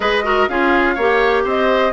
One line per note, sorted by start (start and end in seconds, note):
0.00 0.47 G#3
0.00 0.23 G#4
0.00 0.24 B4
0.00 0.48 D#5
0.23 0.47 F#4
0.23 0.48 A#4
0.48 0.97 C#4
0.48 0.98 F4
0.48 0.94 G#4
0.48 1.45 F5
0.94 1.44 A#3
0.94 1.92 G4
0.94 1.43 C#5
1.43 1.92 C4
1.43 1.92 C5
1.43 1.92 D#5